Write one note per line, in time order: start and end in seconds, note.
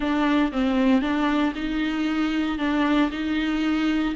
0.00 0.51 D4
0.52 1.01 C4
1.01 1.53 D4
1.55 2.58 D#4
2.58 3.10 D4
3.11 4.14 D#4